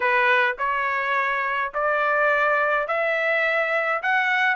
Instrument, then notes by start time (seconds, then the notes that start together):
trumpet
0.00 B4
0.58 C#5
1.74 D5
2.87 E5
4.02 F#5